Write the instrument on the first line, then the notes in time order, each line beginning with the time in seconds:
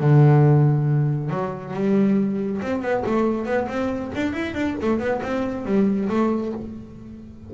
double bass
0.00 D3
1.30 F#3
1.74 G3
2.62 C4
2.82 B3
3.06 A3
3.46 B3
3.68 C4
4.15 D4
4.33 E4
4.55 D4
4.82 A3
4.99 B3
5.23 C4
5.66 G3
6.09 A3